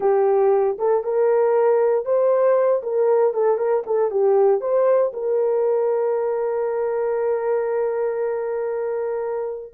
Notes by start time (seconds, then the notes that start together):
0.00 G4
0.78 A4
1.03 A#4
2.05 C5
2.82 A#4
3.33 A4
3.57 A#4
3.86 A4
4.10 G4
4.60 C5
5.13 A#4